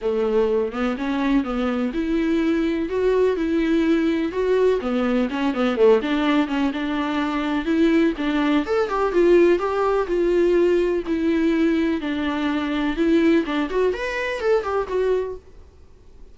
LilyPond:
\new Staff \with { instrumentName = "viola" } { \time 4/4 \tempo 4 = 125 a4. b8 cis'4 b4 | e'2 fis'4 e'4~ | e'4 fis'4 b4 cis'8 b8 | a8 d'4 cis'8 d'2 |
e'4 d'4 a'8 g'8 f'4 | g'4 f'2 e'4~ | e'4 d'2 e'4 | d'8 fis'8 b'4 a'8 g'8 fis'4 | }